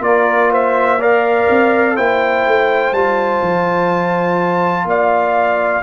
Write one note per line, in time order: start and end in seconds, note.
0.00 1.45 A#3
0.00 0.99 F4
0.00 0.51 A#4
0.00 0.52 D5
0.51 0.99 C5
0.51 1.02 E5
0.99 1.97 A#4
0.99 1.96 D5
0.99 1.97 F5
1.50 1.98 C4
1.97 2.46 A#3
1.97 2.94 E4
1.97 4.87 C5
1.97 2.94 G5
2.46 2.93 A3
2.93 3.41 G3
2.93 5.83 F4
2.93 4.87 A5
3.42 4.85 F3
4.85 5.82 A#3
4.85 5.83 D5
4.85 5.83 F5